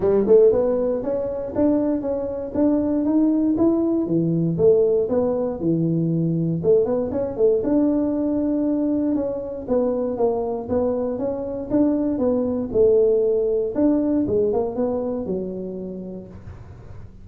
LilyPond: \new Staff \with { instrumentName = "tuba" } { \time 4/4 \tempo 4 = 118 g8 a8 b4 cis'4 d'4 | cis'4 d'4 dis'4 e'4 | e4 a4 b4 e4~ | e4 a8 b8 cis'8 a8 d'4~ |
d'2 cis'4 b4 | ais4 b4 cis'4 d'4 | b4 a2 d'4 | gis8 ais8 b4 fis2 | }